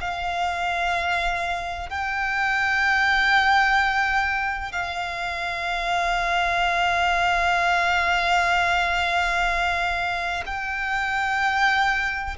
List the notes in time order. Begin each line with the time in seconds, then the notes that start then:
0.00 F5
1.90 G5
4.72 F5
10.46 G5